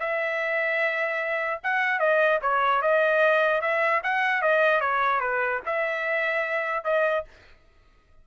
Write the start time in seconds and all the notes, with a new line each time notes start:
0.00 E5
1.64 F#5
2.00 D#5
2.42 C#5
2.82 D#5
3.61 E5
4.04 F#5
4.42 D#5
4.81 C#5
5.21 B4
5.66 E5
6.84 D#5